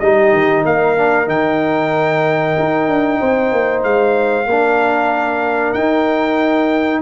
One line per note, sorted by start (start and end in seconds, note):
0.00 0.33 G3
0.00 0.98 D#4
0.00 0.66 G4
0.00 0.64 D#5
0.33 0.65 D#3
0.65 1.28 A#3
0.65 3.20 A#4
0.65 1.29 F5
0.98 1.26 D4
1.26 2.55 D#3
1.26 4.45 D#4
1.26 3.83 G5
2.59 2.89 D#4
2.89 3.21 D4
3.20 3.52 C4
3.20 4.48 C5
3.52 3.84 A#3
3.83 4.46 G#3
3.83 5.74 F5
4.46 5.74 A#3
4.46 5.77 D4
4.46 7.02 A#4
5.74 7.02 D#4
5.74 7.01 G5